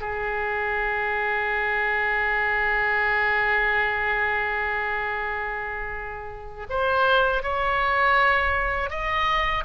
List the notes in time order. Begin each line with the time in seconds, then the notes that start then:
0.00 G#4
6.69 C5
7.43 C#5
8.90 D#5